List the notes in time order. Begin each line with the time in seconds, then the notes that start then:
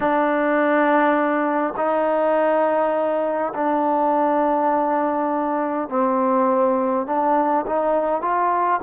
0.00 D4
1.76 D#4
3.54 D4
5.88 C4
7.06 D4
7.66 D#4
8.21 F4